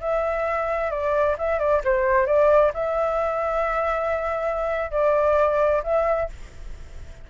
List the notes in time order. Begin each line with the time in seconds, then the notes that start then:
0.00 E5
0.90 D5
1.38 E5
1.59 D5
1.84 C5
2.26 D5
2.74 E5
4.90 D5
5.83 E5